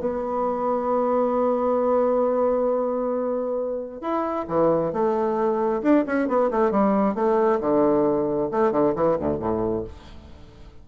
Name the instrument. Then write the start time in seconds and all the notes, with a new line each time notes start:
bassoon
0.00 B3
4.01 E4
4.48 E3
4.93 A3
5.82 D4
6.06 C#4
6.28 B3
6.51 A3
6.71 G3
7.15 A3
7.60 D3
8.51 A3
8.72 D3
8.95 E3
9.19 D2
9.39 A2